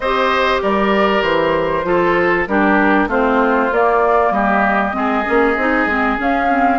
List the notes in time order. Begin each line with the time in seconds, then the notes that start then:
0.00 C4 G4 C5 D#5
0.62 G3 A#4 D5
1.22 E3 C5
1.84 F3 F4 A4
2.47 G3 D4 G4 A#4
3.06 A3 C4 F4 C5
3.71 A#3 D5
4.30 G3 G4 D#5
4.92 G#3 C4 G#4
5.24 A#3 C#4
5.56 C4 D#4
5.86 G#3 C4
6.17 C#4 F5
6.49 C4